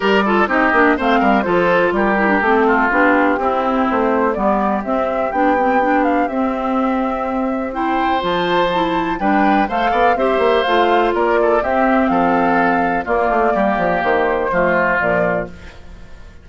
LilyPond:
<<
  \new Staff \with { instrumentName = "flute" } { \time 4/4 \tempo 4 = 124 d''4 dis''4 f''4 c''4 | ais'4 a'4 g'2 | c''4 d''4 e''4 g''4~ | g''8 f''8 e''2. |
g''4 a''2 g''4 | f''4 e''4 f''4 d''4 | e''4 f''2 d''4~ | d''4 c''2 d''4 | }
  \new Staff \with { instrumentName = "oboe" } { \time 4/4 ais'8 a'8 g'4 c''8 ais'8 a'4 | g'4. f'4. e'4~ | e'4 g'2.~ | g'1 |
c''2. b'4 | c''8 d''8 c''2 ais'8 a'8 | g'4 a'2 f'4 | g'2 f'2 | }
  \new Staff \with { instrumentName = "clarinet" } { \time 4/4 g'8 f'8 dis'8 d'8 c'4 f'4~ | f'8 e'16 d'16 c'4 d'4 c'4~ | c'4 b4 c'4 d'8 c'8 | d'4 c'2. |
e'4 f'4 e'4 d'4 | a'4 g'4 f'2 | c'2. ais4~ | ais2 a4 f4 | }
  \new Staff \with { instrumentName = "bassoon" } { \time 4/4 g4 c'8 ais8 a8 g8 f4 | g4 a4 b4 c'4 | a4 g4 c'4 b4~ | b4 c'2.~ |
c'4 f2 g4 | a8 b8 c'8 ais8 a4 ais4 | c'4 f2 ais8 a8 | g8 f8 dis4 f4 ais,4 | }
>>